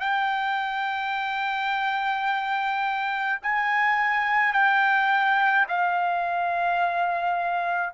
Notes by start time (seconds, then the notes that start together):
0.00 G5
3.42 G#5
4.53 G5
5.69 F5